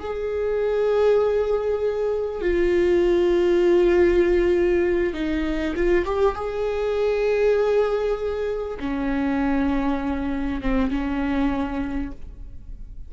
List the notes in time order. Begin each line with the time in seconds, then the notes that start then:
0.00 G#4
2.41 F4
5.14 D#4
5.76 F4
6.06 G4
6.36 G#4
8.80 C#4
10.62 C4
10.91 C#4